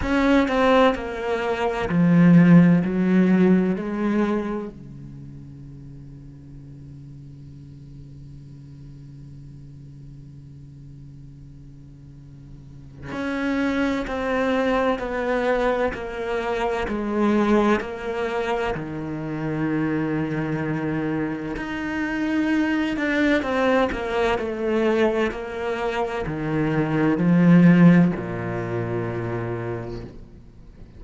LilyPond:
\new Staff \with { instrumentName = "cello" } { \time 4/4 \tempo 4 = 64 cis'8 c'8 ais4 f4 fis4 | gis4 cis2.~ | cis1~ | cis2 cis'4 c'4 |
b4 ais4 gis4 ais4 | dis2. dis'4~ | dis'8 d'8 c'8 ais8 a4 ais4 | dis4 f4 ais,2 | }